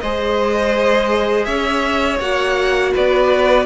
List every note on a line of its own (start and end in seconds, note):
0.00 1.47 G#3
0.00 2.21 G#4
0.00 1.46 C5
0.00 1.44 D#5
1.44 2.19 C#4
1.44 2.93 C#5
1.44 2.17 E5
2.19 2.93 A#3
2.19 3.66 F#4
2.19 2.94 F#5
2.94 3.66 B3
2.94 3.66 B4
2.94 3.66 D5